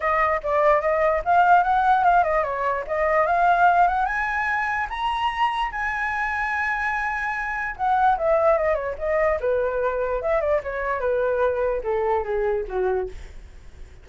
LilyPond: \new Staff \with { instrumentName = "flute" } { \time 4/4 \tempo 4 = 147 dis''4 d''4 dis''4 f''4 | fis''4 f''8 dis''8 cis''4 dis''4 | f''4. fis''8 gis''2 | ais''2 gis''2~ |
gis''2. fis''4 | e''4 dis''8 cis''8 dis''4 b'4~ | b'4 e''8 d''8 cis''4 b'4~ | b'4 a'4 gis'4 fis'4 | }